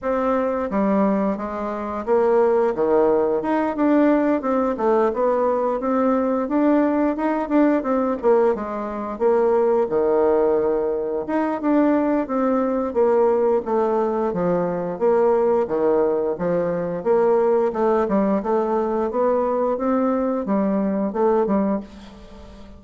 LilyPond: \new Staff \with { instrumentName = "bassoon" } { \time 4/4 \tempo 4 = 88 c'4 g4 gis4 ais4 | dis4 dis'8 d'4 c'8 a8 b8~ | b8 c'4 d'4 dis'8 d'8 c'8 | ais8 gis4 ais4 dis4.~ |
dis8 dis'8 d'4 c'4 ais4 | a4 f4 ais4 dis4 | f4 ais4 a8 g8 a4 | b4 c'4 g4 a8 g8 | }